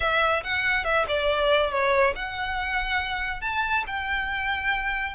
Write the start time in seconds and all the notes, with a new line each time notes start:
0.00 E5
0.43 F#5
0.84 E5
1.08 D5
1.71 C#5
2.15 F#5
3.41 A5
3.86 G5